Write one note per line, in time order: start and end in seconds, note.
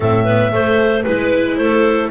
0.00 0.52 A2
0.00 0.25 C4
0.00 0.24 A4
0.00 1.02 E5
0.24 0.53 B3
0.24 0.51 B4
0.52 1.04 A3
0.52 1.07 A3
0.52 1.06 C5
1.02 1.58 G#3
1.02 2.10 E4
1.02 1.54 B4
1.02 1.58 B4
1.56 2.10 A3
1.56 2.10 A4
1.56 2.09 C5